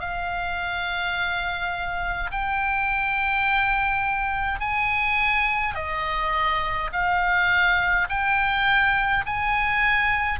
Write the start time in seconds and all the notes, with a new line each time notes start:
0.00 F5
2.32 G5
4.60 G#5
5.75 D#5
6.93 F5
8.10 G5
9.26 G#5